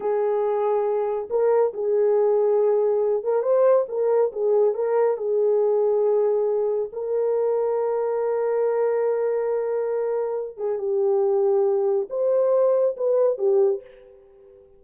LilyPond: \new Staff \with { instrumentName = "horn" } { \time 4/4 \tempo 4 = 139 gis'2. ais'4 | gis'2.~ gis'8 ais'8 | c''4 ais'4 gis'4 ais'4 | gis'1 |
ais'1~ | ais'1~ | ais'8 gis'8 g'2. | c''2 b'4 g'4 | }